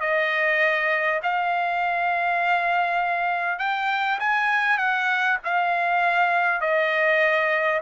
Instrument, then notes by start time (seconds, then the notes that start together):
trumpet
0.00 D#5
1.22 F5
3.58 G5
4.19 G#5
4.78 F#5
5.44 F5
6.61 D#5